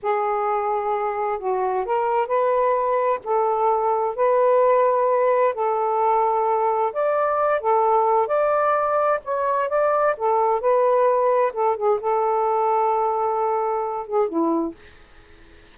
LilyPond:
\new Staff \with { instrumentName = "saxophone" } { \time 4/4 \tempo 4 = 130 gis'2. fis'4 | ais'4 b'2 a'4~ | a'4 b'2. | a'2. d''4~ |
d''8 a'4. d''2 | cis''4 d''4 a'4 b'4~ | b'4 a'8 gis'8 a'2~ | a'2~ a'8 gis'8 e'4 | }